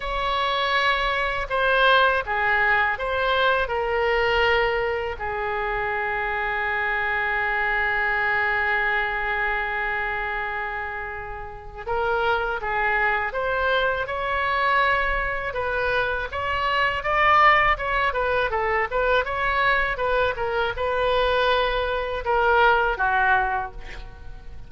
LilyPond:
\new Staff \with { instrumentName = "oboe" } { \time 4/4 \tempo 4 = 81 cis''2 c''4 gis'4 | c''4 ais'2 gis'4~ | gis'1~ | gis'1 |
ais'4 gis'4 c''4 cis''4~ | cis''4 b'4 cis''4 d''4 | cis''8 b'8 a'8 b'8 cis''4 b'8 ais'8 | b'2 ais'4 fis'4 | }